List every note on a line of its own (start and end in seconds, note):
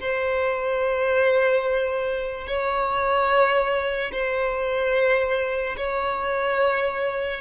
0.00 2.47 C5
2.47 4.11 C#5
4.11 5.76 C5
5.77 7.40 C#5